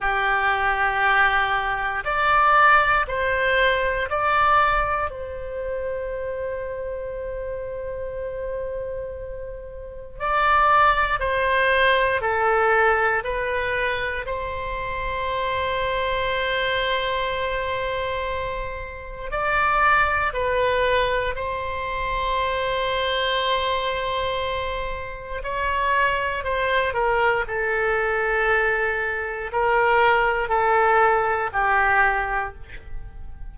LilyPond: \new Staff \with { instrumentName = "oboe" } { \time 4/4 \tempo 4 = 59 g'2 d''4 c''4 | d''4 c''2.~ | c''2 d''4 c''4 | a'4 b'4 c''2~ |
c''2. d''4 | b'4 c''2.~ | c''4 cis''4 c''8 ais'8 a'4~ | a'4 ais'4 a'4 g'4 | }